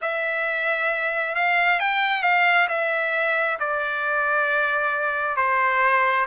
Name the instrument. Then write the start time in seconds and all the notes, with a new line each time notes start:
trumpet
0.01 E5
1.35 F5
1.79 G5
2.23 F5
2.68 E5
3.59 D5
5.36 C5